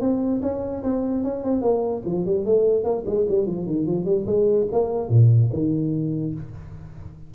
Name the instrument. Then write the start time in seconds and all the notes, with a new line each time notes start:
tuba
0.00 C4
0.41 C#4
0.83 C4
1.23 C#4
1.43 C4
1.61 A#3
2.05 F3
2.25 G3
2.45 A3
2.84 A#3
3.05 G#3
3.28 G3
3.46 F3
3.66 D#3
3.86 F3
4.05 G3
4.26 G#3
4.71 A#3
5.09 A#2
5.52 D#3